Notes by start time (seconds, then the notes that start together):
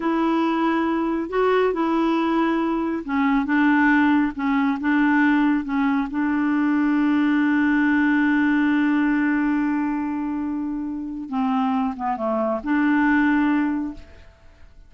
0.00 E4
1.29 F#4
1.73 E4
3.04 C#4
3.45 D4
4.35 C#4
4.80 D4
5.64 C#4
6.10 D4
11.29 C4
11.96 B3
12.17 A3
12.63 D4